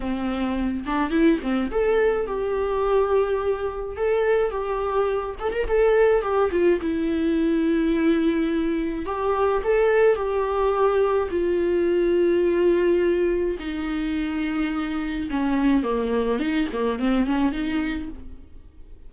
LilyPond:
\new Staff \with { instrumentName = "viola" } { \time 4/4 \tempo 4 = 106 c'4. d'8 e'8 c'8 a'4 | g'2. a'4 | g'4. a'16 ais'16 a'4 g'8 f'8 | e'1 |
g'4 a'4 g'2 | f'1 | dis'2. cis'4 | ais4 dis'8 ais8 c'8 cis'8 dis'4 | }